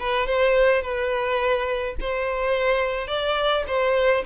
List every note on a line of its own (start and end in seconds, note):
0.00 0.27 B4
0.27 0.82 C5
0.82 1.95 B4
2.01 3.08 C5
3.08 3.64 D5
3.68 4.25 C5